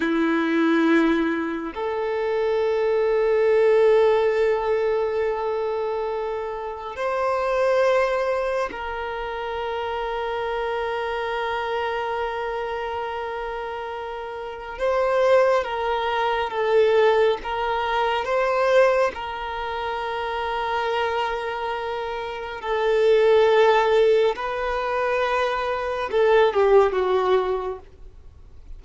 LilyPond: \new Staff \with { instrumentName = "violin" } { \time 4/4 \tempo 4 = 69 e'2 a'2~ | a'1 | c''2 ais'2~ | ais'1~ |
ais'4 c''4 ais'4 a'4 | ais'4 c''4 ais'2~ | ais'2 a'2 | b'2 a'8 g'8 fis'4 | }